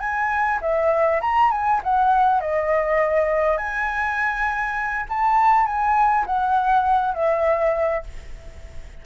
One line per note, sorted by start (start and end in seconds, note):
0.00 0.59 G#5
0.61 1.21 E5
1.21 1.51 A#5
1.51 1.81 G#5
1.84 2.41 F#5
2.41 3.57 D#5
3.57 5.06 G#5
5.09 5.66 A5
5.66 6.26 G#5
6.26 7.14 F#5
7.14 8.03 E5